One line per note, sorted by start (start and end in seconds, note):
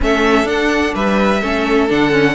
0.00 0.43 A3
0.00 0.45 C#4
0.00 0.94 A4
0.00 0.47 E5
0.43 0.90 D4
0.43 1.40 D4
0.43 0.94 F#5
0.94 1.42 G3
0.94 1.41 B4
0.94 1.89 E5
1.41 1.90 A3
1.41 1.89 C#4
1.41 2.35 A4
1.89 2.35 D3
1.89 2.10 D4
1.89 2.35 F#5
2.10 2.33 C#4